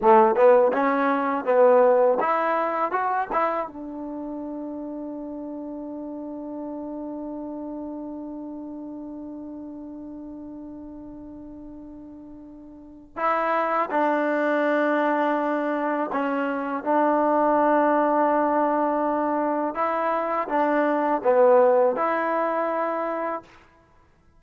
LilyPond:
\new Staff \with { instrumentName = "trombone" } { \time 4/4 \tempo 4 = 82 a8 b8 cis'4 b4 e'4 | fis'8 e'8 d'2.~ | d'1~ | d'1~ |
d'2 e'4 d'4~ | d'2 cis'4 d'4~ | d'2. e'4 | d'4 b4 e'2 | }